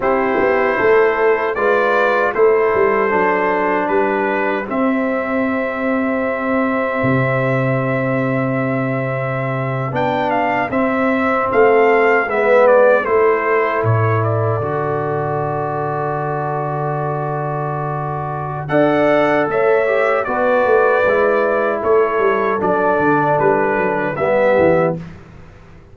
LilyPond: <<
  \new Staff \with { instrumentName = "trumpet" } { \time 4/4 \tempo 4 = 77 c''2 d''4 c''4~ | c''4 b'4 e''2~ | e''1~ | e''8. g''8 f''8 e''4 f''4 e''16~ |
e''16 d''8 c''4 cis''8 d''4.~ d''16~ | d''1 | fis''4 e''4 d''2 | cis''4 d''4 b'4 e''4 | }
  \new Staff \with { instrumentName = "horn" } { \time 4/4 g'4 a'4 b'4 a'4~ | a'4 g'2.~ | g'1~ | g'2~ g'8. a'4 b'16~ |
b'8. a'2.~ a'16~ | a'1 | d''4 cis''4 b'2 | a'2. g'4 | }
  \new Staff \with { instrumentName = "trombone" } { \time 4/4 e'2 f'4 e'4 | d'2 c'2~ | c'1~ | c'8. d'4 c'2 b16~ |
b8. e'2 fis'4~ fis'16~ | fis'1 | a'4. g'8 fis'4 e'4~ | e'4 d'2 b4 | }
  \new Staff \with { instrumentName = "tuba" } { \time 4/4 c'8 b8 a4 gis4 a8 g8 | fis4 g4 c'2~ | c'4 c2.~ | c8. b4 c'4 a4 gis16~ |
gis8. a4 a,4 d4~ d16~ | d1 | d'4 a4 b8 a8 gis4 | a8 g8 fis8 d8 g8 fis8 g8 e8 | }
>>